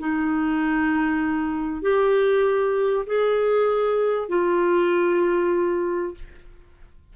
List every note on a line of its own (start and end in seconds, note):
0.00 1.82 D#4
1.82 3.06 G4
3.06 4.29 G#4
4.29 6.15 F4